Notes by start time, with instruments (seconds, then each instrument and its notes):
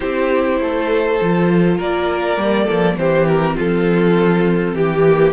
0.00 cello C4, viola E4, violin G4 C5
0.60 cello A3, violin A4
1.21 cello F3, viola F4
1.77 cello A#3, violin A#4 D5
2.36 cello G3, viola A#3
2.64 cello F3, violin A4
2.96 cello E3, viola C4, violin G4 C5
3.27 violin A#4
3.55 cello F3, violin F4 A4
4.73 cello E3, violin G4
5.06 viola A#3